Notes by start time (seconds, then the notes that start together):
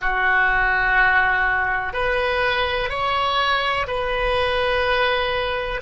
0.00 F#4
1.93 B4
2.89 C#5
3.87 B4